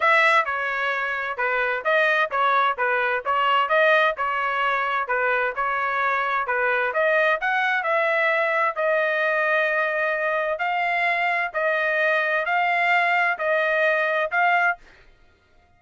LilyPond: \new Staff \with { instrumentName = "trumpet" } { \time 4/4 \tempo 4 = 130 e''4 cis''2 b'4 | dis''4 cis''4 b'4 cis''4 | dis''4 cis''2 b'4 | cis''2 b'4 dis''4 |
fis''4 e''2 dis''4~ | dis''2. f''4~ | f''4 dis''2 f''4~ | f''4 dis''2 f''4 | }